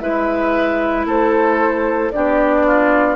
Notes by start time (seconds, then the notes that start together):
0.00 G#3 E4 B4 E5
1.05 A3 A4 C5
2.11 B3 D4 G4 D5
2.67 F4